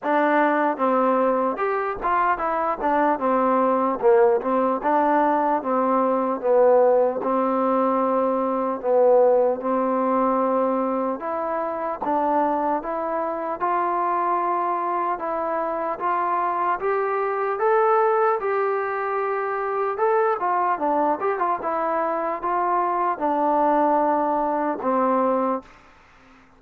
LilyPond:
\new Staff \with { instrumentName = "trombone" } { \time 4/4 \tempo 4 = 75 d'4 c'4 g'8 f'8 e'8 d'8 | c'4 ais8 c'8 d'4 c'4 | b4 c'2 b4 | c'2 e'4 d'4 |
e'4 f'2 e'4 | f'4 g'4 a'4 g'4~ | g'4 a'8 f'8 d'8 g'16 f'16 e'4 | f'4 d'2 c'4 | }